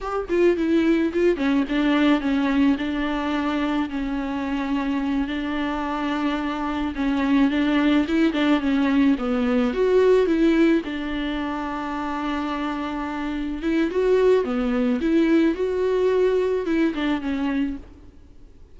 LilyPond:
\new Staff \with { instrumentName = "viola" } { \time 4/4 \tempo 4 = 108 g'8 f'8 e'4 f'8 cis'8 d'4 | cis'4 d'2 cis'4~ | cis'4. d'2~ d'8~ | d'8 cis'4 d'4 e'8 d'8 cis'8~ |
cis'8 b4 fis'4 e'4 d'8~ | d'1~ | d'8 e'8 fis'4 b4 e'4 | fis'2 e'8 d'8 cis'4 | }